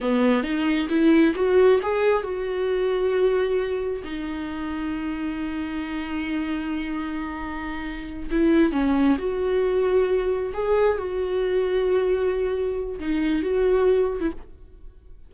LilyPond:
\new Staff \with { instrumentName = "viola" } { \time 4/4 \tempo 4 = 134 b4 dis'4 e'4 fis'4 | gis'4 fis'2.~ | fis'4 dis'2.~ | dis'1~ |
dis'2~ dis'8 e'4 cis'8~ | cis'8 fis'2. gis'8~ | gis'8 fis'2.~ fis'8~ | fis'4 dis'4 fis'4.~ fis'16 e'16 | }